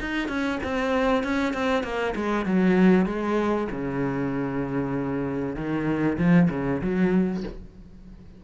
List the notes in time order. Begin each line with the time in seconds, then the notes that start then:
0.00 D#4
0.28 C#4
0.63 C4
1.23 C#4
1.53 C4
1.83 A#3
2.15 G#3
2.45 F#3
3.06 G#3
3.71 C#3
5.56 D#3
6.18 F3
6.50 C#3
6.81 F#3